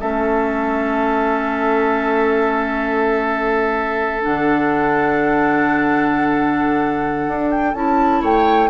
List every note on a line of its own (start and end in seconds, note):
0.00 4.26 A3
0.00 4.22 C#4
0.00 8.22 A4
0.00 4.23 E5
4.22 7.28 D3
4.22 7.73 D4
4.22 7.51 F#5
7.28 7.75 D4
7.51 7.75 G5
7.75 8.22 C#4
7.75 8.70 E4
7.75 8.23 A5
8.22 8.70 A3
8.22 8.70 C#5
8.22 8.70 G5